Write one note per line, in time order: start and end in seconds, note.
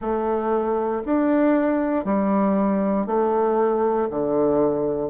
0.00 1.02 A3
1.05 2.04 D4
2.04 3.06 G3
3.06 4.08 A3
4.10 5.10 D3